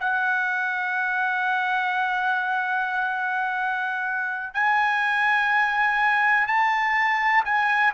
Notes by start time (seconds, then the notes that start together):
0.00 F#5
4.54 G#5
6.47 A5
7.45 G#5